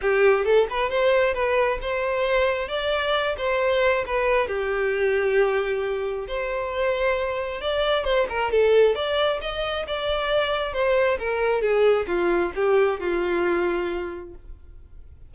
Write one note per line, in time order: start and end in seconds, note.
0.01 0.44 G4
0.44 0.67 A4
0.70 0.90 B4
0.90 1.34 C5
1.34 1.78 B4
1.81 2.68 C5
2.68 3.35 D5
3.37 4.04 C5
4.06 4.47 B4
4.47 6.26 G4
6.27 7.61 C5
7.61 8.04 D5
8.04 8.26 C5
8.29 8.51 A#4
8.51 8.95 A4
8.95 9.39 D5
9.41 9.85 D#5
9.87 10.73 D5
10.73 11.17 C5
11.19 11.61 A#4
11.61 12.06 G#4
12.07 12.51 F4
12.55 13.00 G4
13.00 14.34 F4